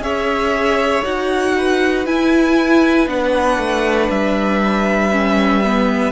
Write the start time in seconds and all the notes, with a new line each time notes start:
0.00 C#4 G#4 C#5 E5
1.04 D#4 F#4 F#5
1.57 B4
2.06 E4 G#5
3.07 B3 D4 F#5
3.58 A3
4.10 G3 E5
5.12 C#4
5.65 B3